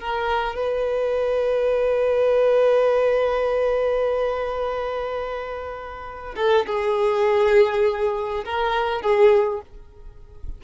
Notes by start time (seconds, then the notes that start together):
0.00 A#4
0.55 B4
6.36 A4
6.66 G#4
8.45 A#4
9.02 G#4